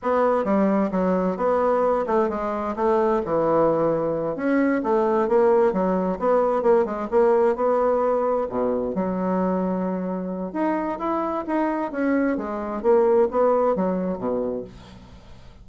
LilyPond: \new Staff \with { instrumentName = "bassoon" } { \time 4/4 \tempo 4 = 131 b4 g4 fis4 b4~ | b8 a8 gis4 a4 e4~ | e4. cis'4 a4 ais8~ | ais8 fis4 b4 ais8 gis8 ais8~ |
ais8 b2 b,4 fis8~ | fis2. dis'4 | e'4 dis'4 cis'4 gis4 | ais4 b4 fis4 b,4 | }